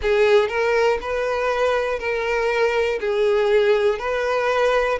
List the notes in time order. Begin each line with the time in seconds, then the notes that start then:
0.01 G#4
0.48 A#4
1.00 B4
1.99 A#4
3.00 G#4
3.99 B4